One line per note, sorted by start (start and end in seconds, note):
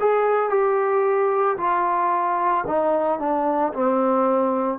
0.00 0.49 G#4
0.49 1.56 G4
1.57 2.64 F4
2.66 3.19 D#4
3.19 3.73 D4
3.74 4.78 C4